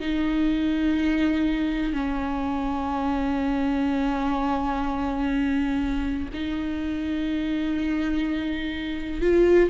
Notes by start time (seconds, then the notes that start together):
0.00 D#4
1.93 C#4
6.33 D#4
9.22 F4